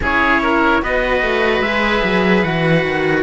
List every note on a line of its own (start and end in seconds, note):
0.00 0.81 C#4
0.00 0.82 E4
0.00 0.42 G#4
0.00 0.83 C#5
0.42 0.81 A#4
0.81 1.22 B3
0.81 1.63 F#4
0.81 3.22 B4
0.81 1.61 D#5
1.22 1.60 A3
1.60 2.01 G#3
1.60 2.44 G#4
1.60 2.42 E5
2.03 2.43 F#3
2.42 2.83 E3
2.42 3.22 F#4
2.42 3.22 F#5
2.83 3.22 D#3